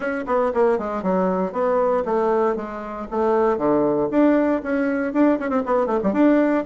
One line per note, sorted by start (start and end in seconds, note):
0.00 0.24 C#4
0.26 0.52 B3
0.53 0.78 A#3
0.78 1.03 G#3
1.03 1.52 F#3
1.52 2.03 B3
2.05 2.56 A3
2.56 3.07 G#3
3.10 3.57 A3
3.57 4.08 D3
4.10 4.62 D4
4.62 5.13 C#4
5.13 5.38 D4
5.39 5.49 C#4
5.49 5.62 C4
5.65 5.86 B3
5.86 5.99 A3
6.03 6.13 G3
6.13 6.64 D4